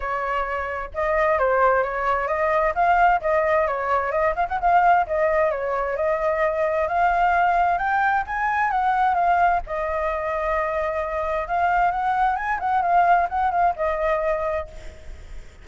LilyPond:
\new Staff \with { instrumentName = "flute" } { \time 4/4 \tempo 4 = 131 cis''2 dis''4 c''4 | cis''4 dis''4 f''4 dis''4 | cis''4 dis''8 f''16 fis''16 f''4 dis''4 | cis''4 dis''2 f''4~ |
f''4 g''4 gis''4 fis''4 | f''4 dis''2.~ | dis''4 f''4 fis''4 gis''8 fis''8 | f''4 fis''8 f''8 dis''2 | }